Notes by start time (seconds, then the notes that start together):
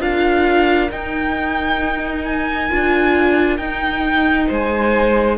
0.00 D4 F4 A#4 F5
0.91 D#4 G5
2.24 G#5
2.69 D4 F4
3.57 D#4 G5
4.48 G#3 C5 G#5